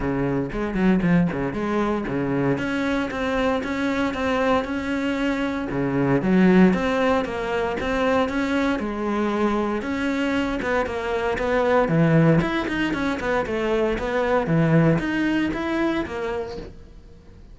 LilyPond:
\new Staff \with { instrumentName = "cello" } { \time 4/4 \tempo 4 = 116 cis4 gis8 fis8 f8 cis8 gis4 | cis4 cis'4 c'4 cis'4 | c'4 cis'2 cis4 | fis4 c'4 ais4 c'4 |
cis'4 gis2 cis'4~ | cis'8 b8 ais4 b4 e4 | e'8 dis'8 cis'8 b8 a4 b4 | e4 dis'4 e'4 ais4 | }